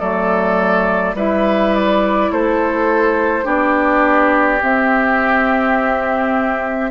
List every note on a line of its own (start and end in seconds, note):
0.00 1.15 F#3
0.00 1.15 A3
0.00 1.16 A4
0.00 1.16 D5
1.15 2.30 G3
1.15 3.44 E4
1.15 2.32 B4
1.15 1.75 E5
1.75 2.33 D5
2.32 3.46 A3
2.32 3.45 A4
2.32 3.47 C5
3.44 4.61 B3
3.44 4.59 D4
3.44 6.91 G4
3.44 4.62 D5
4.62 6.91 C4
4.62 6.91 E5